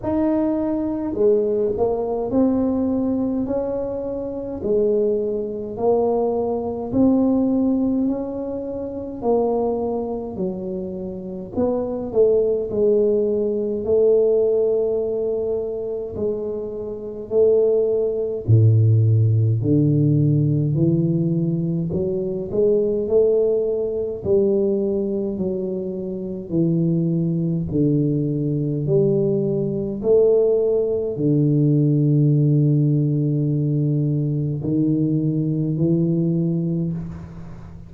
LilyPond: \new Staff \with { instrumentName = "tuba" } { \time 4/4 \tempo 4 = 52 dis'4 gis8 ais8 c'4 cis'4 | gis4 ais4 c'4 cis'4 | ais4 fis4 b8 a8 gis4 | a2 gis4 a4 |
a,4 d4 e4 fis8 gis8 | a4 g4 fis4 e4 | d4 g4 a4 d4~ | d2 dis4 e4 | }